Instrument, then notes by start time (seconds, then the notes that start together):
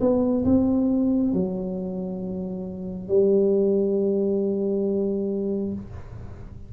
tuba
0.00 B3
0.45 C4
1.33 F#3
3.08 G3